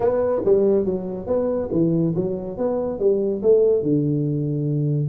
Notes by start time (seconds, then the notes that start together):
0.00 B3
0.44 G3
0.85 F#3
1.26 B3
1.72 E3
2.15 F#3
2.57 B3
2.99 G3
3.42 A3
3.82 D3